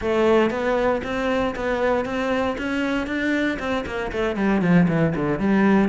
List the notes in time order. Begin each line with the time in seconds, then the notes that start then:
0.01 A3
0.50 B3
1.03 C4
1.55 B3
2.05 C4
2.58 C#4
3.06 D4
3.59 C4
3.86 A#3
4.12 A3
4.35 G3
4.61 F3
4.88 E3
5.15 D3
5.39 G3